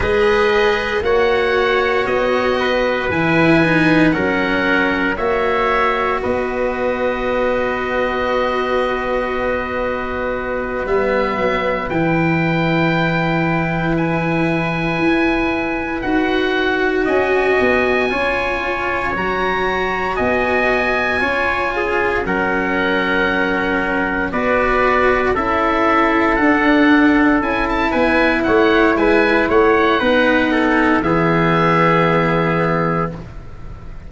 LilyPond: <<
  \new Staff \with { instrumentName = "oboe" } { \time 4/4 \tempo 4 = 58 dis''4 fis''4 dis''4 gis''4 | fis''4 e''4 dis''2~ | dis''2~ dis''8 e''4 g''8~ | g''4. gis''2 fis''8~ |
fis''8 gis''2 ais''4 gis''8~ | gis''4. fis''2 d''8~ | d''8 e''4 fis''4 gis''16 a''16 gis''8 fis''8 | gis''8 fis''4. e''2 | }
  \new Staff \with { instrumentName = "trumpet" } { \time 4/4 b'4 cis''4. b'4. | ais'4 cis''4 b'2~ | b'1~ | b'1~ |
b'8 dis''4 cis''2 dis''8~ | dis''8 cis''8 gis'8 ais'2 b'8~ | b'8 a'2~ a'8 b'8 cis''8 | b'8 cis''8 b'8 a'8 gis'2 | }
  \new Staff \with { instrumentName = "cello" } { \time 4/4 gis'4 fis'2 e'8 dis'8 | cis'4 fis'2.~ | fis'2~ fis'8 b4 e'8~ | e'2.~ e'8 fis'8~ |
fis'4. f'4 fis'4.~ | fis'8 f'4 cis'2 fis'8~ | fis'8 e'4 d'4 e'4.~ | e'4 dis'4 b2 | }
  \new Staff \with { instrumentName = "tuba" } { \time 4/4 gis4 ais4 b4 e4 | fis4 ais4 b2~ | b2~ b8 g8 fis8 e8~ | e2~ e8 e'4 dis'8~ |
dis'8 cis'8 b8 cis'4 fis4 b8~ | b8 cis'4 fis2 b8~ | b8 cis'4 d'4 cis'8 b8 a8 | gis8 a8 b4 e2 | }
>>